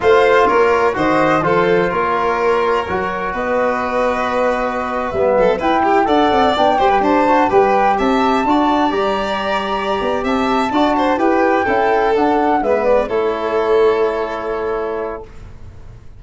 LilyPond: <<
  \new Staff \with { instrumentName = "flute" } { \time 4/4 \tempo 4 = 126 f''4 cis''4 dis''4 c''4 | cis''2. dis''4~ | dis''2~ dis''8. e''4 g''16~ | g''8. fis''4 g''4 a''4 g''16~ |
g''8. a''2 ais''4~ ais''16~ | ais''4. a''2 g''8~ | g''4. fis''4 e''8 d''8 cis''8~ | cis''1 | }
  \new Staff \with { instrumentName = "violin" } { \time 4/4 c''4 ais'4 c''4 a'4 | ais'2. b'4~ | b'2.~ b'16 a'8 b'16~ | b'16 g'8 d''4. c''16 b'16 c''4 b'16~ |
b'8. e''4 d''2~ d''16~ | d''4. e''4 d''8 c''8 b'8~ | b'8 a'2 b'4 a'8~ | a'1 | }
  \new Staff \with { instrumentName = "trombone" } { \time 4/4 f'2 fis'4 f'4~ | f'2 fis'2~ | fis'2~ fis'8. b4 e'16~ | e'8. a'4 d'8 g'4 fis'8 g'16~ |
g'4.~ g'16 fis'4 g'4~ g'16~ | g'2~ g'8 fis'4 g'8~ | g'8 e'4 d'4 b4 e'8~ | e'1 | }
  \new Staff \with { instrumentName = "tuba" } { \time 4/4 a4 ais4 dis4 f4 | ais2 fis4 b4~ | b2~ b8. g8 fis8 e'16~ | e'8. d'8 c'8 b8 g8 d'4 g16~ |
g8. c'4 d'4 g4~ g16~ | g4 b8 c'4 d'4 e'8~ | e'8 cis'4 d'4 gis4 a8~ | a1 | }
>>